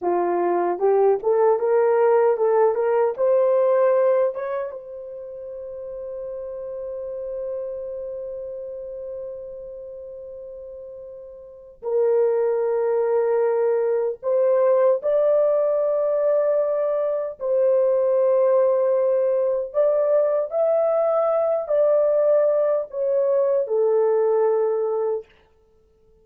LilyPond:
\new Staff \with { instrumentName = "horn" } { \time 4/4 \tempo 4 = 76 f'4 g'8 a'8 ais'4 a'8 ais'8 | c''4. cis''8 c''2~ | c''1~ | c''2. ais'4~ |
ais'2 c''4 d''4~ | d''2 c''2~ | c''4 d''4 e''4. d''8~ | d''4 cis''4 a'2 | }